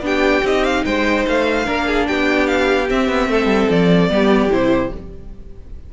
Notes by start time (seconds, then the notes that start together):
0.00 B3 D4 G4 G5
0.43 C4 D#4 D#5
0.64 F5
0.85 G#3 C5 G5
1.27 A3 F5
1.65 A#3 D4 A#4
1.86 G#4
2.07 B3 G4 G5
2.46 F5
2.88 C4 E5
3.08 B3
3.28 A3 A4
3.45 G3
3.70 F3 D5
4.09 G3 B3 G4
4.50 C3 E4 C5